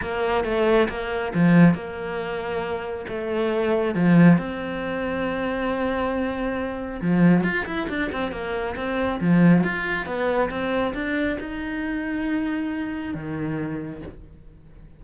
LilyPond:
\new Staff \with { instrumentName = "cello" } { \time 4/4 \tempo 4 = 137 ais4 a4 ais4 f4 | ais2. a4~ | a4 f4 c'2~ | c'1 |
f4 f'8 e'8 d'8 c'8 ais4 | c'4 f4 f'4 b4 | c'4 d'4 dis'2~ | dis'2 dis2 | }